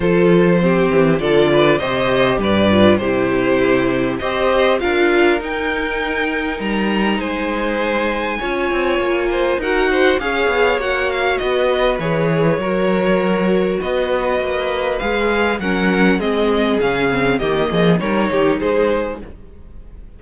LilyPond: <<
  \new Staff \with { instrumentName = "violin" } { \time 4/4 \tempo 4 = 100 c''2 d''4 dis''4 | d''4 c''2 dis''4 | f''4 g''2 ais''4 | gis''1 |
fis''4 f''4 fis''8 f''8 dis''4 | cis''2. dis''4~ | dis''4 f''4 fis''4 dis''4 | f''4 dis''4 cis''4 c''4 | }
  \new Staff \with { instrumentName = "violin" } { \time 4/4 a'4 g'4 a'8 b'8 c''4 | b'4 g'2 c''4 | ais'1 | c''2 cis''4. c''8 |
ais'8 c''8 cis''2 b'4~ | b'4 ais'2 b'4~ | b'2 ais'4 gis'4~ | gis'4 g'8 gis'8 ais'8 g'8 gis'4 | }
  \new Staff \with { instrumentName = "viola" } { \time 4/4 f'4 c'4 f'4 g'4~ | g'8 f'8 e'2 g'4 | f'4 dis'2.~ | dis'2 f'2 |
fis'4 gis'4 fis'2 | gis'4 fis'2.~ | fis'4 gis'4 cis'4 c'4 | cis'8 c'8 ais4 dis'2 | }
  \new Staff \with { instrumentName = "cello" } { \time 4/4 f4. e8 d4 c4 | g,4 c2 c'4 | d'4 dis'2 g4 | gis2 cis'8 c'8 ais4 |
dis'4 cis'8 b8 ais4 b4 | e4 fis2 b4 | ais4 gis4 fis4 gis4 | cis4 dis8 f8 g8 dis8 gis4 | }
>>